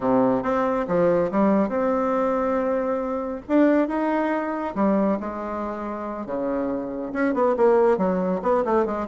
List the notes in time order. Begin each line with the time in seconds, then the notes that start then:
0.00 C3
0.42 C4
0.87 F3
1.31 G3
1.68 C4
3.48 D4
3.88 D#4
4.75 G3
5.20 G#3
6.26 C#3
7.12 C#4
7.34 B3
7.56 A#3
7.97 F#3
8.42 B3
8.64 A3
8.85 G#3